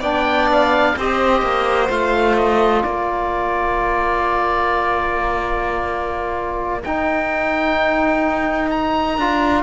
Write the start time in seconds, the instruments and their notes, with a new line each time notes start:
0.00 cello B3, trombone D4, violin D5, oboe G5
0.52 oboe F5
0.96 cello C4, trombone G4, violin C5, oboe D#5
1.42 cello A#3
1.89 cello A3, trombone F4, oboe F5
2.36 oboe D#5
2.83 cello A#3, violin A#4, oboe D5
6.84 cello D#4, trombone D#4, oboe G5
8.70 oboe A#5
9.17 cello D4, trombone F4